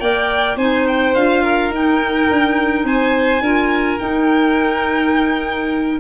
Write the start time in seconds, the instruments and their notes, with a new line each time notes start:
0.00 tuba A#3, clarinet A#4, violin D5 G5
0.56 tuba C4, clarinet D#4, violin C5 G#5
0.88 violin G5
1.15 tuba D4, clarinet F4, violin F5
1.43 violin A#4
1.70 tuba D#4, clarinet D#4, violin G5
2.30 tuba D4
2.84 tuba C4, violin C5 G#5
3.41 tuba D4, clarinet F4, violin A#4
3.99 clarinet D#4, tuba D#4, violin G5